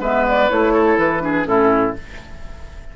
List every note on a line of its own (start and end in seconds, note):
0.00 0.49 G#3
0.00 0.50 B3
0.00 0.74 B4
0.00 0.27 E5
0.28 0.50 D5
0.50 0.98 A3
0.50 1.20 E4
0.50 0.98 C#5
0.74 1.22 A4
0.98 1.46 E3
0.98 1.46 B4
1.20 1.45 D4
1.20 1.48 G#4
1.45 1.95 A2
1.45 1.94 C#4
1.45 1.96 E4
1.45 1.95 A4